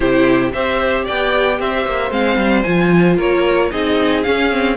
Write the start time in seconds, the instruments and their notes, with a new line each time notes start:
0.00 cello C3, viola E4, violin G4 C5
0.52 cello C4, viola G4, violin C5 E5
1.04 cello B3, violin D5 G5
1.59 cello C4, violin C5 E5
1.86 cello A#3
2.10 cello G#3, viola C4, violin F5
2.36 cello G3
2.62 cello F3, viola F4, violin G#5
3.16 cello A#3, violin A#4 C#5
3.71 cello C4, viola D#4, violin G#4 D#5
4.23 viola C#4, cello C#4, violin F5
4.51 viola C4